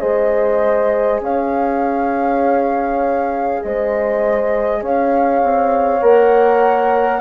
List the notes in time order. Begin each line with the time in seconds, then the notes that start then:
0.00 G#3 G#4 C5 D#5
1.21 C#4 C#5 F5
3.63 G#3 C5 D#5
4.82 C#4 C#5 F5
5.43 C4
6.02 A#3 A#4 F#5